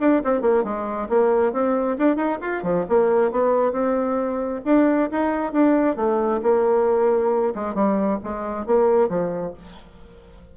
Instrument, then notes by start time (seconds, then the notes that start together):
bassoon
0.00 D4
0.24 C4
0.41 A#3
0.64 G#3
1.09 A#3
1.53 C4
1.98 D4
2.16 D#4
2.41 F4
2.63 F3
2.89 A#3
3.31 B3
3.72 C4
4.65 D4
5.11 D#4
5.52 D4
5.96 A3
6.43 A#3
7.55 G#3
7.75 G3
8.23 G#3
8.66 A#3
9.09 F3